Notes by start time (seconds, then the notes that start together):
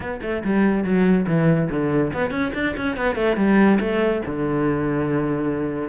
0.00 B3
0.22 A3
0.44 G3
0.84 F#3
1.27 E3
1.70 D3
2.13 B3
2.30 C#4
2.54 D4
2.76 C#4
2.97 B3
3.15 A3
3.36 G3
3.80 A3
4.26 D3